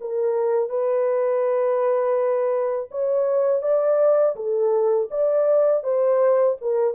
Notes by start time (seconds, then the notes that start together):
0.00 A#4
0.69 B4
2.91 C#5
3.62 D5
4.35 A4
5.10 D5
5.83 C5
6.61 A#4